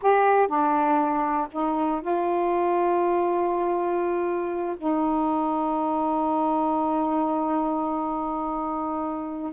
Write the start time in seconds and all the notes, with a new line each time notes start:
0.01 G4
0.47 D4
1.51 D#4
2.01 F4
4.77 D#4